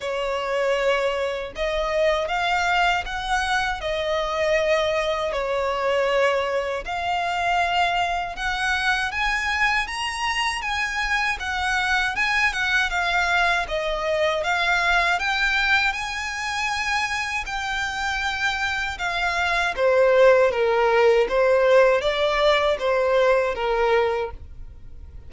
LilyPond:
\new Staff \with { instrumentName = "violin" } { \time 4/4 \tempo 4 = 79 cis''2 dis''4 f''4 | fis''4 dis''2 cis''4~ | cis''4 f''2 fis''4 | gis''4 ais''4 gis''4 fis''4 |
gis''8 fis''8 f''4 dis''4 f''4 | g''4 gis''2 g''4~ | g''4 f''4 c''4 ais'4 | c''4 d''4 c''4 ais'4 | }